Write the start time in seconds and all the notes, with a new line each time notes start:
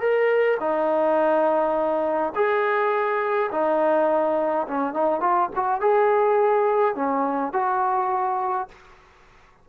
0.00 A#4
0.60 D#4
2.35 G#4
3.51 D#4
4.68 C#4
4.94 D#4
5.21 F4
5.56 F#4
5.81 G#4
6.95 C#4
7.53 F#4